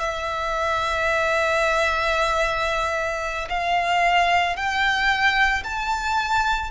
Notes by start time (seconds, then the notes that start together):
0.00 E5
3.49 F5
4.56 G5
5.63 A5